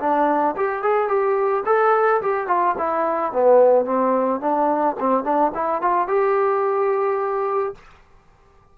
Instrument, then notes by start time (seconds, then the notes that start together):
trombone
0.00 D4
0.57 G4
0.83 G#4
1.08 G4
1.66 A4
2.22 G4
2.48 F4
2.79 E4
3.33 B3
3.86 C4
4.41 D4
5.00 C4
5.24 D4
5.55 E4
5.82 F4
6.08 G4